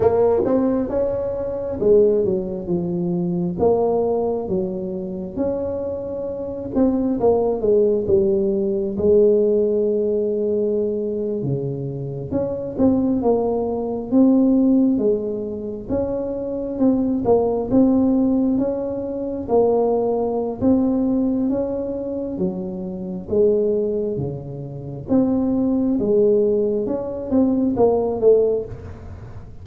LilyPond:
\new Staff \with { instrumentName = "tuba" } { \time 4/4 \tempo 4 = 67 ais8 c'8 cis'4 gis8 fis8 f4 | ais4 fis4 cis'4. c'8 | ais8 gis8 g4 gis2~ | gis8. cis4 cis'8 c'8 ais4 c'16~ |
c'8. gis4 cis'4 c'8 ais8 c'16~ | c'8. cis'4 ais4~ ais16 c'4 | cis'4 fis4 gis4 cis4 | c'4 gis4 cis'8 c'8 ais8 a8 | }